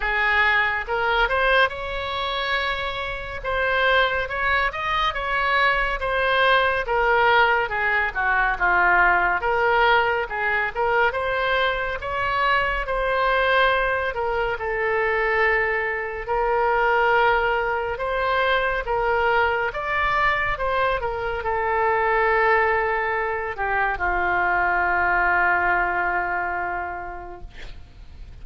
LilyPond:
\new Staff \with { instrumentName = "oboe" } { \time 4/4 \tempo 4 = 70 gis'4 ais'8 c''8 cis''2 | c''4 cis''8 dis''8 cis''4 c''4 | ais'4 gis'8 fis'8 f'4 ais'4 | gis'8 ais'8 c''4 cis''4 c''4~ |
c''8 ais'8 a'2 ais'4~ | ais'4 c''4 ais'4 d''4 | c''8 ais'8 a'2~ a'8 g'8 | f'1 | }